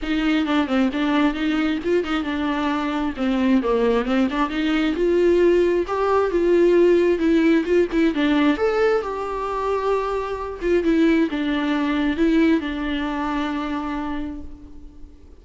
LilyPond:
\new Staff \with { instrumentName = "viola" } { \time 4/4 \tempo 4 = 133 dis'4 d'8 c'8 d'4 dis'4 | f'8 dis'8 d'2 c'4 | ais4 c'8 d'8 dis'4 f'4~ | f'4 g'4 f'2 |
e'4 f'8 e'8 d'4 a'4 | g'2.~ g'8 f'8 | e'4 d'2 e'4 | d'1 | }